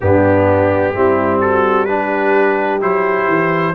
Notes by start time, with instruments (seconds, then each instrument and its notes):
0.01 tuba G2, trombone B3, horn D4, trumpet G4
0.94 tuba G3, trombone C4, horn E4
1.40 horn F#4, trumpet A4
1.85 trombone D4, horn G4, trumpet B4
2.80 tuba F#3, trombone E4, trumpet C5
3.27 tuba E3